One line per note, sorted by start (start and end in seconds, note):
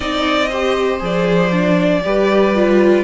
0.00 1.01 C4
0.00 0.48 D#4
0.00 0.48 D5
0.00 0.99 D#5
0.49 0.99 G4
0.49 2.01 C5
0.99 2.03 F3
0.99 1.50 G#4
0.99 3.04 D5
1.51 2.02 D4
2.04 3.04 G3
2.04 2.54 G4
2.04 3.04 B4
2.54 3.04 F4